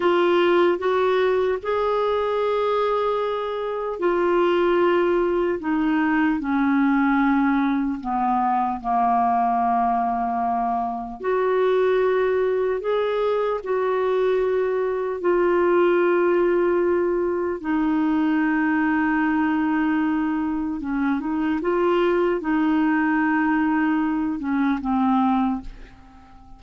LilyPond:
\new Staff \with { instrumentName = "clarinet" } { \time 4/4 \tempo 4 = 75 f'4 fis'4 gis'2~ | gis'4 f'2 dis'4 | cis'2 b4 ais4~ | ais2 fis'2 |
gis'4 fis'2 f'4~ | f'2 dis'2~ | dis'2 cis'8 dis'8 f'4 | dis'2~ dis'8 cis'8 c'4 | }